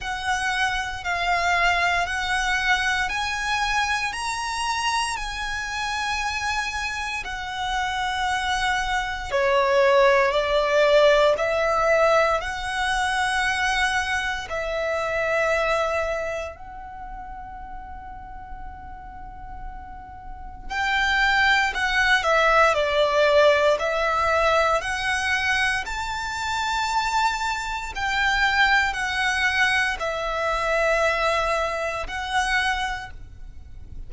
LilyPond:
\new Staff \with { instrumentName = "violin" } { \time 4/4 \tempo 4 = 58 fis''4 f''4 fis''4 gis''4 | ais''4 gis''2 fis''4~ | fis''4 cis''4 d''4 e''4 | fis''2 e''2 |
fis''1 | g''4 fis''8 e''8 d''4 e''4 | fis''4 a''2 g''4 | fis''4 e''2 fis''4 | }